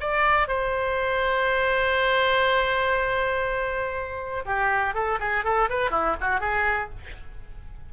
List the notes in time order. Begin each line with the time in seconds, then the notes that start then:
0.00 D5
0.47 C5
4.45 G4
4.94 A4
5.19 G#4
5.44 A4
5.69 B4
5.90 E4
6.20 F#4
6.40 G#4